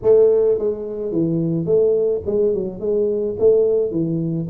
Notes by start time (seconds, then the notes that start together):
0.02 A3
0.58 G#3
1.12 E3
1.65 A3
2.26 G#3
2.54 F#3
2.79 G#3
3.39 A3
3.91 E3